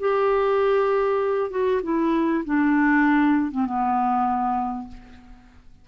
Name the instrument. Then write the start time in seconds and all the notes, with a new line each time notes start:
clarinet
0.00 G4
1.51 F#4
1.83 E4
2.45 D4
3.52 C4
3.66 B3